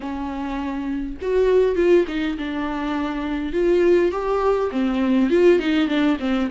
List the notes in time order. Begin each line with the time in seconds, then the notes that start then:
0.00 C#4
1.21 F#4
1.75 F4
2.07 D#4
2.38 D4
3.52 F4
4.11 G4
4.71 C4
5.29 F4
5.59 D#4
5.87 D4
6.19 C4